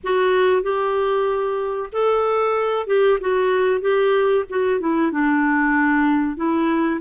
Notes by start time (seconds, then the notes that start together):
0.03 F#4
0.62 G4
1.92 A4
2.86 G4
3.20 F#4
3.80 G4
4.49 F#4
4.80 E4
5.11 D4
6.36 E4